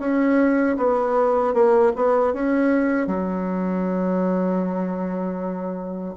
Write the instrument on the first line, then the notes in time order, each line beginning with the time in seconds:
bassoon
0.00 C#4
0.77 B3
1.54 A#3
1.96 B3
2.34 C#4
3.08 F#3